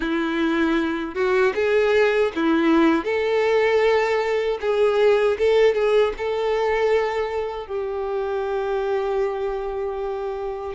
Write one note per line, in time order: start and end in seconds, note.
0.00 1.14 E4
1.14 1.53 F#4
1.55 2.31 G#4
2.35 3.04 E4
3.04 4.58 A4
4.60 5.37 G#4
5.38 5.74 A4
5.74 6.13 G#4
6.17 7.66 A4
7.66 10.74 G4